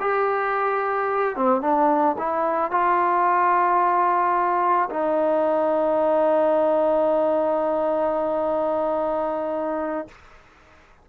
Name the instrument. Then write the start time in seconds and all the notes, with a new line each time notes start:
trombone
0.00 G4
1.36 C4
1.61 D4
2.18 E4
2.71 F4
4.90 D#4